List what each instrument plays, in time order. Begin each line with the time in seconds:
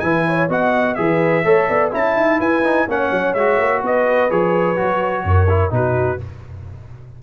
0.00 tuba E3, trombone E4, horn B4, trumpet G#5
0.27 horn C#5
0.49 tuba B3, trombone F#4, horn D#5, trumpet F#5
0.95 tuba E3, trombone G#4, horn B4, trumpet E5
1.45 tuba A3, trombone A4, horn C#5
1.69 tuba B3, horn D5
1.92 tuba C#4, trombone E4, horn E5, trumpet A5
2.16 tuba D#4
2.40 tuba E4, horn B4, trumpet G#5
2.64 trombone D#4
2.89 tuba A#3, trombone C#4, horn C#5, trumpet F#5
3.11 tuba F#3
3.34 tuba G#3, trombone F#4, trumpet E5
3.58 tuba A#3
3.82 tuba B3, horn B4, trumpet D#5
4.30 tuba F3, trombone G#4, trumpet C#5
4.76 tuba F#3, trombone F#4
5.24 tuba F#2, horn A#4
5.50 trombone E4
5.70 tuba B2, trombone D#4, horn F#4, trumpet B4